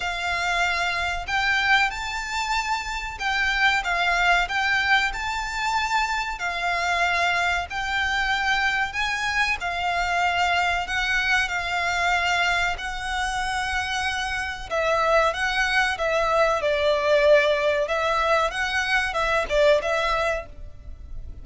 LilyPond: \new Staff \with { instrumentName = "violin" } { \time 4/4 \tempo 4 = 94 f''2 g''4 a''4~ | a''4 g''4 f''4 g''4 | a''2 f''2 | g''2 gis''4 f''4~ |
f''4 fis''4 f''2 | fis''2. e''4 | fis''4 e''4 d''2 | e''4 fis''4 e''8 d''8 e''4 | }